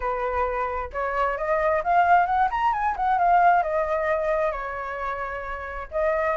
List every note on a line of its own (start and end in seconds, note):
0.00 0.90 B4
0.92 1.37 C#5
1.37 1.83 D#5
1.83 2.26 F5
2.26 2.48 F#5
2.50 2.73 A#5
2.73 2.95 G#5
2.96 3.18 F#5
3.18 3.62 F5
3.62 4.51 D#5
4.51 5.88 C#5
5.91 6.36 D#5